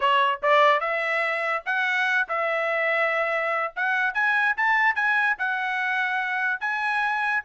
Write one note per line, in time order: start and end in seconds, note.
0.00 0.40 C#5
0.42 0.80 D5
0.80 1.63 E5
1.65 2.27 F#5
2.28 3.73 E5
3.76 4.14 F#5
4.14 4.55 G#5
4.56 4.95 A5
4.95 5.36 G#5
5.38 6.60 F#5
6.60 7.43 G#5